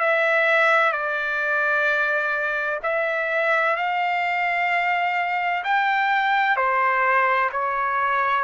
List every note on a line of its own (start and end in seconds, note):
0.00 0.92 E5
0.92 2.80 D5
2.83 3.77 E5
3.77 5.64 F5
5.64 6.57 G5
6.57 7.50 C5
7.52 8.45 C#5